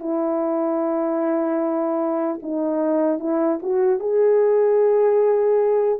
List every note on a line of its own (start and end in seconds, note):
0.00 2.40 E4
2.43 3.19 D#4
3.19 3.59 E4
3.63 4.00 F#4
4.00 6.00 G#4